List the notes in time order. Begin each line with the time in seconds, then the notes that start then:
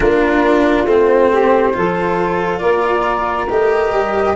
0.00 A#3 D4 F4 A#4
0.85 A3 C4 C5
1.31 G4
1.73 F3 F4 A4
2.58 A#3 A#4 D5
3.49 A3 G4 D#5
3.91 G3